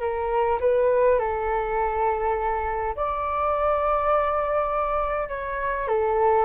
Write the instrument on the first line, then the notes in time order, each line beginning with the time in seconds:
flute
0.00 A#4
0.60 B4
1.19 A4
2.96 D5
5.29 C#5
5.87 A4